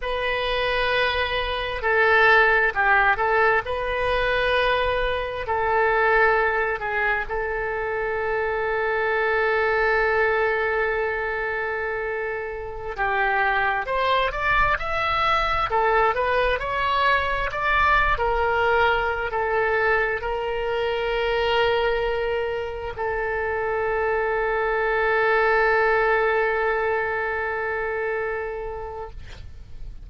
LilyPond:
\new Staff \with { instrumentName = "oboe" } { \time 4/4 \tempo 4 = 66 b'2 a'4 g'8 a'8 | b'2 a'4. gis'8 | a'1~ | a'2~ a'16 g'4 c''8 d''16~ |
d''16 e''4 a'8 b'8 cis''4 d''8. | ais'4~ ais'16 a'4 ais'4.~ ais'16~ | ais'4~ ais'16 a'2~ a'8.~ | a'1 | }